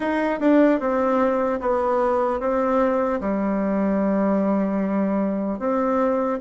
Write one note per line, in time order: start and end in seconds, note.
0.00 0.39 D#4
0.40 0.80 D4
0.80 1.60 C4
1.60 2.40 B3
2.40 3.20 C4
3.20 5.59 G3
5.59 6.39 C4